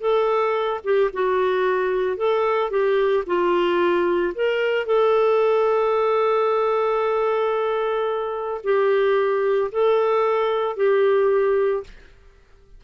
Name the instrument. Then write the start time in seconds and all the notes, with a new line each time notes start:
clarinet
0.00 A4
0.84 G4
1.13 F#4
2.17 A4
2.70 G4
3.26 F4
4.34 A#4
4.86 A4
8.63 G4
9.71 A4
10.76 G4